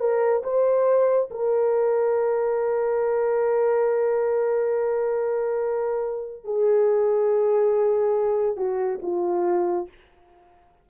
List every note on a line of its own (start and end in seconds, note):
0.00 0.43 A#4
0.44 1.29 C5
1.31 6.44 A#4
6.44 8.57 G#4
8.57 9.00 F#4
9.03 9.88 F4